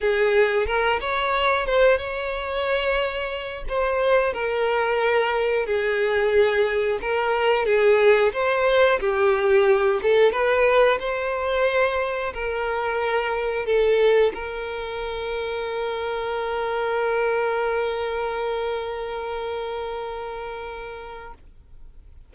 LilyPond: \new Staff \with { instrumentName = "violin" } { \time 4/4 \tempo 4 = 90 gis'4 ais'8 cis''4 c''8 cis''4~ | cis''4. c''4 ais'4.~ | ais'8 gis'2 ais'4 gis'8~ | gis'8 c''4 g'4. a'8 b'8~ |
b'8 c''2 ais'4.~ | ais'8 a'4 ais'2~ ais'8~ | ais'1~ | ais'1 | }